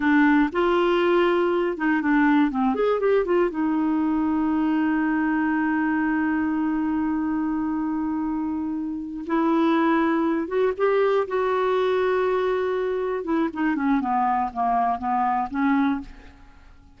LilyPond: \new Staff \with { instrumentName = "clarinet" } { \time 4/4 \tempo 4 = 120 d'4 f'2~ f'8 dis'8 | d'4 c'8 gis'8 g'8 f'8 dis'4~ | dis'1~ | dis'1~ |
dis'2~ dis'8 e'4.~ | e'4 fis'8 g'4 fis'4.~ | fis'2~ fis'8 e'8 dis'8 cis'8 | b4 ais4 b4 cis'4 | }